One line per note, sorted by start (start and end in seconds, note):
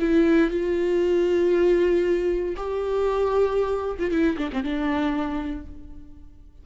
0.00 0.50 E4
0.50 2.55 F4
2.56 3.97 G4
3.99 4.11 F4
4.11 4.37 E4
4.37 4.50 D4
4.53 4.63 C4
4.63 5.66 D4